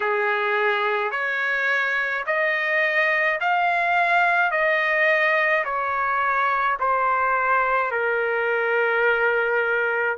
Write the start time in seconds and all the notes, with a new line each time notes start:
0.00 G#4
1.11 C#5
2.26 D#5
3.40 F5
4.51 D#5
5.64 C#5
6.79 C5
7.91 A#4